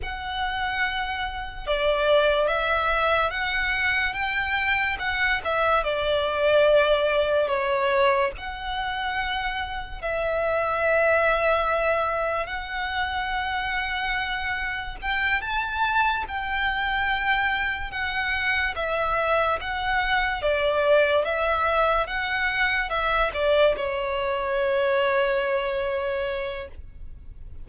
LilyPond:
\new Staff \with { instrumentName = "violin" } { \time 4/4 \tempo 4 = 72 fis''2 d''4 e''4 | fis''4 g''4 fis''8 e''8 d''4~ | d''4 cis''4 fis''2 | e''2. fis''4~ |
fis''2 g''8 a''4 g''8~ | g''4. fis''4 e''4 fis''8~ | fis''8 d''4 e''4 fis''4 e''8 | d''8 cis''2.~ cis''8 | }